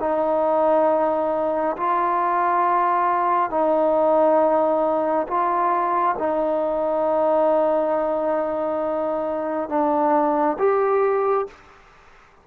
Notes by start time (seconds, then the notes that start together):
0.00 D#4
1.77 F4
3.51 D#4
5.27 F4
6.19 D#4
9.69 D4
10.59 G4